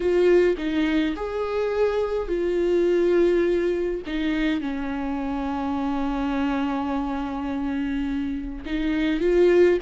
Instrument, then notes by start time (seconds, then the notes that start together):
viola
0.00 F4
0.57 D#4
1.16 G#4
2.28 F4
4.06 D#4
4.60 C#4
8.65 D#4
9.20 F4